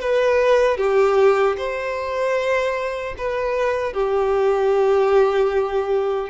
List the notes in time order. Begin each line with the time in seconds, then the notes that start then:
0.00 B4
0.77 G4
1.57 C5
3.18 B4
3.93 G4